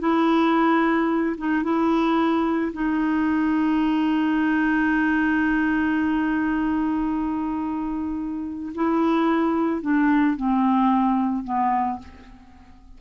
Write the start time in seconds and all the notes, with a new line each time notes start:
0.00 E4
1.38 D#4
1.63 E4
2.73 D#4
8.75 E4
9.82 D4
10.37 C4
11.44 B3